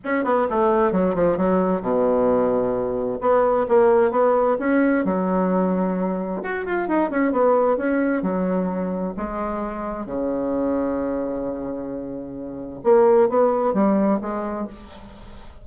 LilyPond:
\new Staff \with { instrumentName = "bassoon" } { \time 4/4 \tempo 4 = 131 cis'8 b8 a4 fis8 f8 fis4 | b,2. b4 | ais4 b4 cis'4 fis4~ | fis2 fis'8 f'8 dis'8 cis'8 |
b4 cis'4 fis2 | gis2 cis2~ | cis1 | ais4 b4 g4 gis4 | }